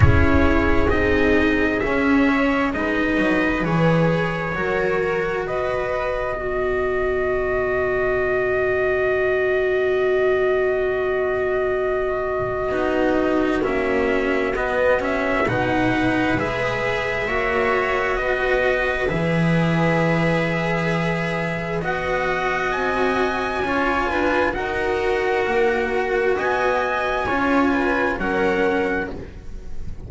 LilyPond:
<<
  \new Staff \with { instrumentName = "trumpet" } { \time 4/4 \tempo 4 = 66 cis''4 dis''4 e''4 dis''4 | cis''2 dis''2~ | dis''1~ | dis''2. e''4 |
dis''8 e''8 fis''4 e''2 | dis''4 e''2. | fis''4 gis''2 fis''4~ | fis''4 gis''2 fis''4 | }
  \new Staff \with { instrumentName = "viola" } { \time 4/4 gis'2~ gis'8 cis''8 b'4~ | b'4 ais'4 b'4 fis'4~ | fis'1~ | fis'1~ |
fis'4 b'2 cis''4 | b'1 | dis''2 cis''8 b'8 ais'4~ | ais'4 dis''4 cis''8 b'8 ais'4 | }
  \new Staff \with { instrumentName = "cello" } { \time 4/4 e'4 dis'4 cis'4 dis'4 | gis'4 fis'2 b4~ | b1~ | b2 dis'4 cis'4 |
b8 cis'8 dis'4 gis'4 fis'4~ | fis'4 gis'2. | fis'2 f'4 fis'4~ | fis'2 f'4 cis'4 | }
  \new Staff \with { instrumentName = "double bass" } { \time 4/4 cis'4 c'4 cis'4 gis8 fis8 | e4 fis4 b,2~ | b,1~ | b,2 b4 ais4 |
b4 b,4 gis4 ais4 | b4 e2. | b4 c'4 cis'8 d'8 dis'4 | ais4 b4 cis'4 fis4 | }
>>